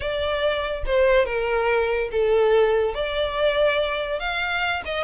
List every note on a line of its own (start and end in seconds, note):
0.00 0.83 D5
0.86 1.25 C5
1.25 2.09 A#4
2.11 2.94 A4
2.94 4.19 D5
4.19 4.82 F5
4.85 5.03 D#5